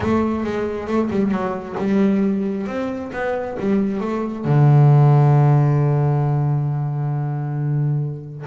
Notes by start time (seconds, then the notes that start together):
0.00 A3
0.44 G#3
0.87 A3
1.10 G3
1.31 F#3
1.78 G3
2.66 C4
3.13 B3
3.59 G3
4.00 A3
4.44 D3